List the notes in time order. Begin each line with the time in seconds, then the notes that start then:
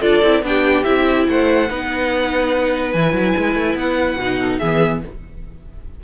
0.00 D4 F4 A4 D5
0.22 C4 E4
0.42 B3 D4 G4 G5
0.83 C4 E4 E5
1.28 A3 C5 F#5
1.70 B3 D#4 B4
2.92 E3 E4 G#5
3.12 F#3
3.36 G#3
3.55 A3
3.74 B3 F#5
4.17 B2 D#4
4.39 A4
4.58 E3 B3 G#4 E5